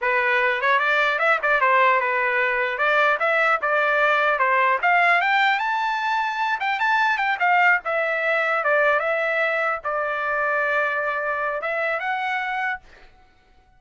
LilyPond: \new Staff \with { instrumentName = "trumpet" } { \time 4/4 \tempo 4 = 150 b'4. cis''8 d''4 e''8 d''8 | c''4 b'2 d''4 | e''4 d''2 c''4 | f''4 g''4 a''2~ |
a''8 g''8 a''4 g''8 f''4 e''8~ | e''4. d''4 e''4.~ | e''8 d''2.~ d''8~ | d''4 e''4 fis''2 | }